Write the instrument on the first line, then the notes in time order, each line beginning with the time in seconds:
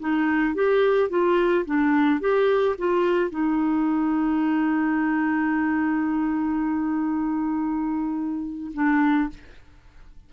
clarinet
0.00 D#4
0.55 G4
1.10 F4
1.66 D4
2.20 G4
2.78 F4
3.30 D#4
8.74 D4